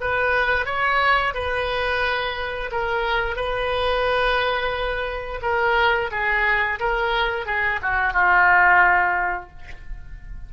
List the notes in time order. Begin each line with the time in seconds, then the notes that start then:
0.00 B4
0.65 C#5
1.34 B4
2.71 A#4
3.36 B4
5.42 A#4
6.11 G#4
6.79 A#4
7.46 G#4
7.82 F#4
8.13 F4